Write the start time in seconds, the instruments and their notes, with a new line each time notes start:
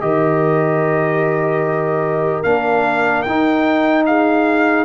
0.00 tuba D#3, trombone G4, horn A#4, trumpet D#5
2.43 tuba A#3, trombone D4, trumpet F5
3.22 tuba D#4, trombone D#4, trumpet G5
4.06 horn G#4, trumpet F5